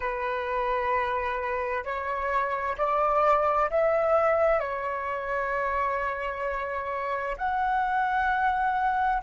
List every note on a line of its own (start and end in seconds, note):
0.00 1.83 B4
1.84 2.76 C#5
2.77 3.70 D5
3.70 4.59 E5
4.59 7.36 C#5
7.37 9.22 F#5